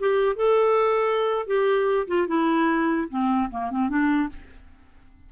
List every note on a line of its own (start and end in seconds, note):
0.00 0.36 G4
0.36 1.47 A4
1.47 2.07 G4
2.08 2.28 F4
2.28 3.08 E4
3.10 3.50 C4
3.51 3.71 A#3
3.71 3.89 C4
3.89 4.29 D4